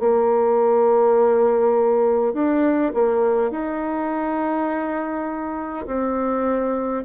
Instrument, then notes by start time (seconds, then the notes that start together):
bassoon
0.00 A#3
2.34 D4
2.95 A#3
3.51 D#4
5.87 C4